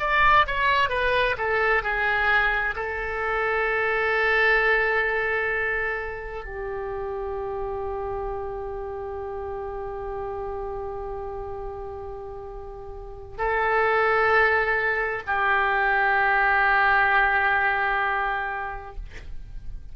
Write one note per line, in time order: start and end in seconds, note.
0.00 0.46 D5
0.47 0.89 C#5
0.89 1.36 B4
1.38 1.83 A4
1.83 2.75 G#4
2.76 6.45 A4
6.45 13.37 G4
13.38 15.23 A4
15.27 18.96 G4